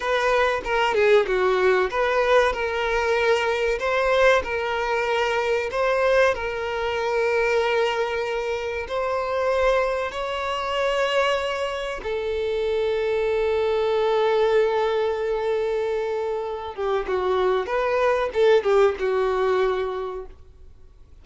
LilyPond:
\new Staff \with { instrumentName = "violin" } { \time 4/4 \tempo 4 = 95 b'4 ais'8 gis'8 fis'4 b'4 | ais'2 c''4 ais'4~ | ais'4 c''4 ais'2~ | ais'2 c''2 |
cis''2. a'4~ | a'1~ | a'2~ a'8 g'8 fis'4 | b'4 a'8 g'8 fis'2 | }